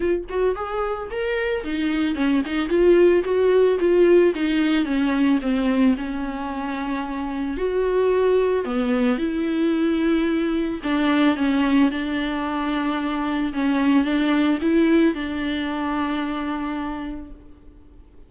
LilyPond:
\new Staff \with { instrumentName = "viola" } { \time 4/4 \tempo 4 = 111 f'8 fis'8 gis'4 ais'4 dis'4 | cis'8 dis'8 f'4 fis'4 f'4 | dis'4 cis'4 c'4 cis'4~ | cis'2 fis'2 |
b4 e'2. | d'4 cis'4 d'2~ | d'4 cis'4 d'4 e'4 | d'1 | }